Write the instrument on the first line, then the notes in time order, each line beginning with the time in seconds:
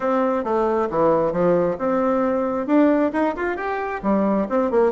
bassoon
0.00 C4
0.44 A3
0.90 E3
1.32 F3
1.78 C4
2.66 D4
3.12 D#4
3.36 F4
3.56 G4
4.02 G3
4.49 C4
4.70 A#3